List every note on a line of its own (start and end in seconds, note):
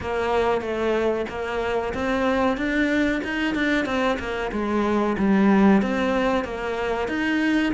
0.01 0.61 A#3
0.61 1.25 A3
1.29 1.93 A#3
1.94 2.57 C4
2.57 3.21 D4
3.24 3.54 D#4
3.54 3.85 D4
3.85 4.18 C4
4.19 4.51 A#3
4.52 5.16 G#3
5.18 5.82 G3
5.82 6.44 C4
6.44 7.08 A#3
7.08 7.72 D#4